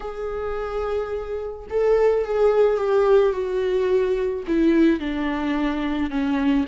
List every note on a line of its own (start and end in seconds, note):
0.00 1.66 G#4
1.69 2.24 A4
2.24 2.77 G#4
2.77 3.32 G4
3.32 4.43 F#4
4.47 4.99 E4
4.99 6.10 D4
6.10 6.65 C#4